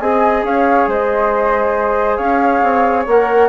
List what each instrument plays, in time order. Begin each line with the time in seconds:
0.00 bassoon C4, trombone G#4, flute D#5 G#5
0.44 bassoon C#4, flute C#5 F5
0.88 bassoon G#3, flute C5 D#5
2.17 bassoon C#4, flute C#5 F5
2.63 bassoon C4
3.07 bassoon A#3, trombone A#4, flute F#5